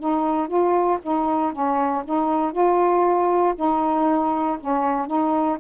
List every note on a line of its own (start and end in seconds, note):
0.00 0.48 D#4
0.48 0.99 F4
1.03 1.53 D#4
1.53 2.04 C#4
2.05 2.52 D#4
2.52 3.54 F4
3.56 4.58 D#4
4.60 5.07 C#4
5.07 5.58 D#4